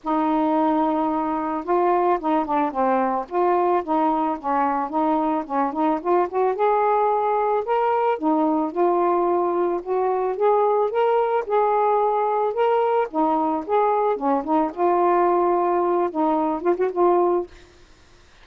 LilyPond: \new Staff \with { instrumentName = "saxophone" } { \time 4/4 \tempo 4 = 110 dis'2. f'4 | dis'8 d'8 c'4 f'4 dis'4 | cis'4 dis'4 cis'8 dis'8 f'8 fis'8 | gis'2 ais'4 dis'4 |
f'2 fis'4 gis'4 | ais'4 gis'2 ais'4 | dis'4 gis'4 cis'8 dis'8 f'4~ | f'4. dis'4 f'16 fis'16 f'4 | }